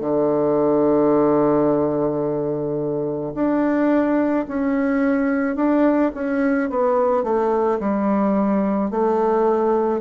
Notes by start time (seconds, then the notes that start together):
0.00 D3
3.35 D4
4.48 C#4
5.56 D4
6.14 C#4
6.70 B3
7.23 A3
7.80 G3
8.91 A3